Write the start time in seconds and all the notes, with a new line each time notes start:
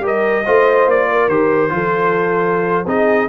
0.00 G3 G4 A#4
0.07 D#5
0.45 A3 F4 C5
0.87 A#3 D5
1.10 A#4
1.28 D#3 G4 C5
1.69 F3 F4 A4
2.86 C4 D#4 G#4 D#5